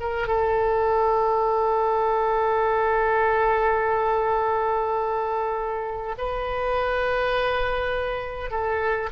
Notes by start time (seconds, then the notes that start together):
0.00 A#4
0.27 A4
6.18 B4
8.51 A4